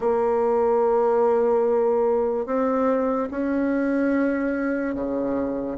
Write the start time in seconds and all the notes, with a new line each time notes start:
0.00 A#3
2.46 C4
3.31 C#4
4.95 C#3